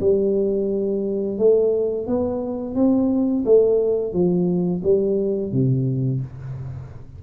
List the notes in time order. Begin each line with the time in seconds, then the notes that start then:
0.00 G3
1.38 A3
2.07 B3
2.75 C4
3.45 A3
4.13 F3
4.83 G3
5.52 C3